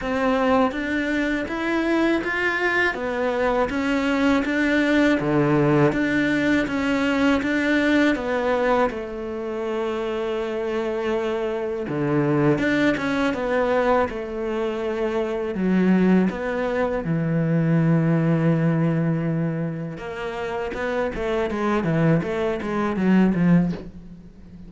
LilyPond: \new Staff \with { instrumentName = "cello" } { \time 4/4 \tempo 4 = 81 c'4 d'4 e'4 f'4 | b4 cis'4 d'4 d4 | d'4 cis'4 d'4 b4 | a1 |
d4 d'8 cis'8 b4 a4~ | a4 fis4 b4 e4~ | e2. ais4 | b8 a8 gis8 e8 a8 gis8 fis8 f8 | }